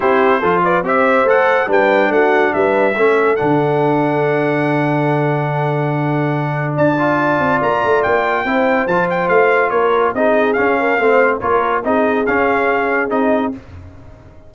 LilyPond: <<
  \new Staff \with { instrumentName = "trumpet" } { \time 4/4 \tempo 4 = 142 c''4. d''8 e''4 fis''4 | g''4 fis''4 e''2 | fis''1~ | fis''1 |
a''2 ais''4 g''4~ | g''4 a''8 g''8 f''4 cis''4 | dis''4 f''2 cis''4 | dis''4 f''2 dis''4 | }
  \new Staff \with { instrumentName = "horn" } { \time 4/4 g'4 a'8 b'8 c''2 | b'4 fis'4 b'4 a'4~ | a'1~ | a'1 |
d''1 | c''2. ais'4 | gis'4. ais'8 c''4 ais'4 | gis'1 | }
  \new Staff \with { instrumentName = "trombone" } { \time 4/4 e'4 f'4 g'4 a'4 | d'2. cis'4 | d'1~ | d'1~ |
d'8 f'2.~ f'8 | e'4 f'2. | dis'4 cis'4 c'4 f'4 | dis'4 cis'2 dis'4 | }
  \new Staff \with { instrumentName = "tuba" } { \time 4/4 c'4 f4 c'4 a4 | g4 a4 g4 a4 | d1~ | d1 |
d'4. c'8 ais8 a8 ais4 | c'4 f4 a4 ais4 | c'4 cis'4 a4 ais4 | c'4 cis'2 c'4 | }
>>